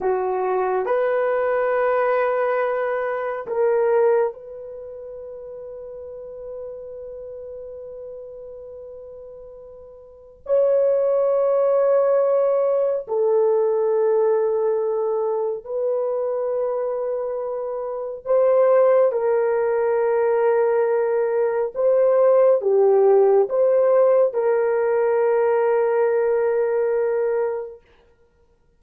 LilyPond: \new Staff \with { instrumentName = "horn" } { \time 4/4 \tempo 4 = 69 fis'4 b'2. | ais'4 b'2.~ | b'1 | cis''2. a'4~ |
a'2 b'2~ | b'4 c''4 ais'2~ | ais'4 c''4 g'4 c''4 | ais'1 | }